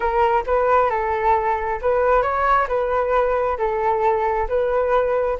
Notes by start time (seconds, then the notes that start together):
0.00 A#4
0.46 B4
0.90 A4
1.81 B4
2.22 C#5
2.68 B4
3.57 A4
4.48 B4